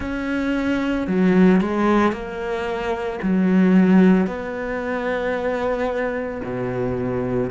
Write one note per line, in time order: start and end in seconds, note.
0.00 1.07 C#4
1.07 1.60 F#3
1.61 2.12 G#3
2.12 3.19 A#3
3.22 4.26 F#3
4.26 6.40 B3
6.43 7.50 B2